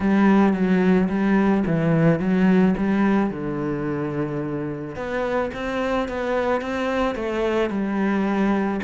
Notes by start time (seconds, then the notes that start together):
0.00 G3
0.53 F#3
1.09 G3
1.66 E3
2.19 F#3
2.77 G3
3.30 D3
4.95 B3
5.53 C4
6.08 B3
6.61 C4
7.15 A3
7.70 G3